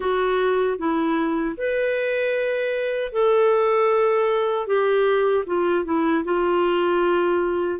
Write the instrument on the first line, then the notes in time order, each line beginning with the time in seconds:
clarinet
0.00 F#4
0.78 E4
1.57 B4
3.12 A4
4.66 G4
5.46 F4
5.84 E4
6.24 F4